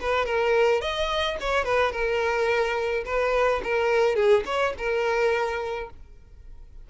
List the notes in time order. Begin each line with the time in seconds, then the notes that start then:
0.00 B4
0.25 A#4
0.81 D#5
1.40 C#5
1.64 B4
1.92 A#4
3.05 B4
3.63 A#4
4.15 G#4
4.45 C#5
4.78 A#4